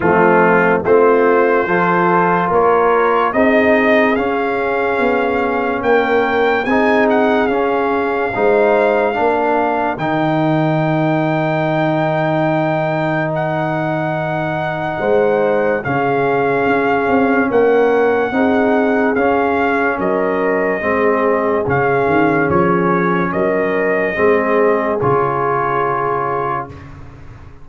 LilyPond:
<<
  \new Staff \with { instrumentName = "trumpet" } { \time 4/4 \tempo 4 = 72 f'4 c''2 cis''4 | dis''4 f''2 g''4 | gis''8 fis''8 f''2. | g''1 |
fis''2. f''4~ | f''4 fis''2 f''4 | dis''2 f''4 cis''4 | dis''2 cis''2 | }
  \new Staff \with { instrumentName = "horn" } { \time 4/4 c'4 f'4 a'4 ais'4 | gis'2. ais'4 | gis'2 c''4 ais'4~ | ais'1~ |
ais'2 c''4 gis'4~ | gis'4 ais'4 gis'2 | ais'4 gis'2. | ais'4 gis'2. | }
  \new Staff \with { instrumentName = "trombone" } { \time 4/4 a4 c'4 f'2 | dis'4 cis'2. | dis'4 cis'4 dis'4 d'4 | dis'1~ |
dis'2. cis'4~ | cis'2 dis'4 cis'4~ | cis'4 c'4 cis'2~ | cis'4 c'4 f'2 | }
  \new Staff \with { instrumentName = "tuba" } { \time 4/4 f4 a4 f4 ais4 | c'4 cis'4 b4 ais4 | c'4 cis'4 gis4 ais4 | dis1~ |
dis2 gis4 cis4 | cis'8 c'8 ais4 c'4 cis'4 | fis4 gis4 cis8 dis8 f4 | fis4 gis4 cis2 | }
>>